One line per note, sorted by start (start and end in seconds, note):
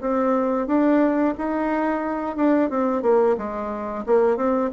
0.00 0.66 C4
0.66 1.34 D4
1.37 2.36 D#4
2.36 2.69 D4
2.69 3.02 C4
3.02 3.36 A#3
3.37 4.04 G#3
4.06 4.36 A#3
4.36 4.70 C4